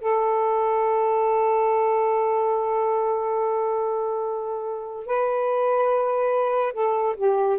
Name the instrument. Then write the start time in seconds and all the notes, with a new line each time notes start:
saxophone
0.00 A4
5.06 B4
6.73 A4
7.16 G4